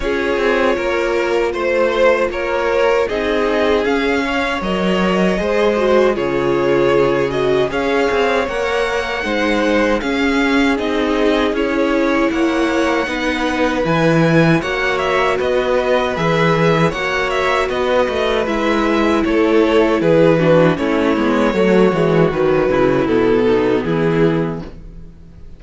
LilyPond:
<<
  \new Staff \with { instrumentName = "violin" } { \time 4/4 \tempo 4 = 78 cis''2 c''4 cis''4 | dis''4 f''4 dis''2 | cis''4. dis''8 f''4 fis''4~ | fis''4 f''4 dis''4 cis''4 |
fis''2 gis''4 fis''8 e''8 | dis''4 e''4 fis''8 e''8 dis''4 | e''4 cis''4 b'4 cis''4~ | cis''4 b'4 a'4 gis'4 | }
  \new Staff \with { instrumentName = "violin" } { \time 4/4 gis'4 ais'4 c''4 ais'4 | gis'4. cis''4. c''4 | gis'2 cis''2 | c''4 gis'2. |
cis''4 b'2 cis''4 | b'2 cis''4 b'4~ | b'4 a'4 gis'8 fis'8 e'4 | fis'4. e'4 dis'8 e'4 | }
  \new Staff \with { instrumentName = "viola" } { \time 4/4 f'1 | dis'4 cis'4 ais'4 gis'8 fis'8 | f'4. fis'8 gis'4 ais'4 | dis'4 cis'4 dis'4 e'4~ |
e'4 dis'4 e'4 fis'4~ | fis'4 gis'4 fis'2 | e'2~ e'8 d'8 cis'8 b8 | a8 gis8 fis4 b2 | }
  \new Staff \with { instrumentName = "cello" } { \time 4/4 cis'8 c'8 ais4 a4 ais4 | c'4 cis'4 fis4 gis4 | cis2 cis'8 c'8 ais4 | gis4 cis'4 c'4 cis'4 |
ais4 b4 e4 ais4 | b4 e4 ais4 b8 a8 | gis4 a4 e4 a8 gis8 | fis8 e8 dis8 cis8 b,4 e4 | }
>>